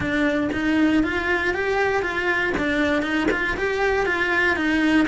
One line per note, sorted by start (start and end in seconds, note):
0.00 0.49 D4
0.52 1.03 D#4
1.03 1.54 F4
1.54 2.02 G4
2.02 2.53 F4
2.57 3.02 D4
3.02 3.27 D#4
3.31 3.56 F4
3.57 4.05 G4
4.05 4.56 F4
4.56 5.07 D#4